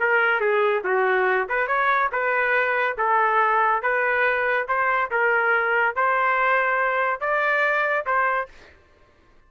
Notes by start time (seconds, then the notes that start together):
0.00 A#4
0.40 G#4
0.84 F#4
1.49 B4
1.67 C#5
2.12 B4
2.98 A4
3.82 B4
4.68 C5
5.11 A#4
5.96 C5
7.21 D5
8.06 C5